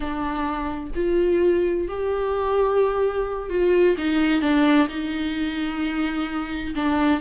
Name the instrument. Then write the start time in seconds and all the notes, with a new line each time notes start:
viola
0.00 D4
0.95 F4
1.88 G4
3.49 F4
3.97 D#4
4.41 D4
4.88 D#4
6.75 D4